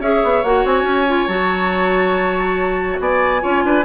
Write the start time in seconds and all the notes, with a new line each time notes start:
0.00 C#4 G#4 C#5 E5
0.24 B3
0.44 A#3 F#4 F#5
0.65 C4 G#5
0.83 C#4
1.07 F4
1.28 F#3 F#4 A5
3.00 B3 D5 G#5
3.41 C#4 F4 C#5
3.65 D4 B4